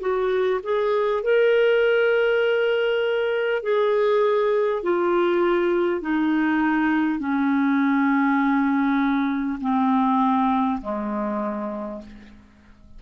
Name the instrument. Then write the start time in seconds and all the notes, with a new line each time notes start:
clarinet
0.00 F#4
0.63 G#4
1.23 A#4
3.62 G#4
4.82 F4
6.01 D#4
7.19 C#4
9.60 C4
10.81 G#3